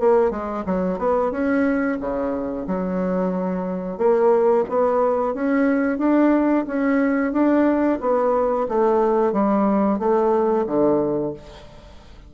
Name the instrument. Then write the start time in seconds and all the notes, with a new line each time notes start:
bassoon
0.00 A#3
0.31 G#3
0.66 F#3
0.99 B3
1.32 C#4
2.00 C#3
2.67 F#3
3.98 A#3
4.69 B3
5.35 C#4
5.98 D4
6.68 C#4
7.33 D4
8.01 B3
8.69 A3
9.33 G3
9.99 A3
10.67 D3